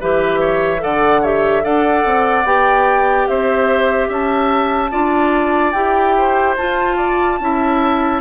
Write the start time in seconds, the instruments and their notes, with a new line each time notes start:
0.00 bassoon E3, clarinet G4, oboe B4, flute E5
0.40 oboe C#5
0.79 bassoon D3, clarinet A4, oboe D5, flute F#5
1.22 clarinet G4, oboe C#5, flute E5
1.63 bassoon D4, clarinet A4, oboe D5, flute F#5
2.05 bassoon C4
2.44 bassoon B3, clarinet G4, flute G5
3.28 bassoon C4, oboe C5, flute E5
4.09 bassoon C#4, oboe E5, flute A5
4.91 bassoon D4, clarinet F4, oboe D5
5.72 bassoon E4, clarinet G4, flute G5
6.18 oboe C5
6.57 clarinet F4, bassoon F4, flute A5
6.97 oboe D5
7.40 bassoon C#4, clarinet E4, oboe E5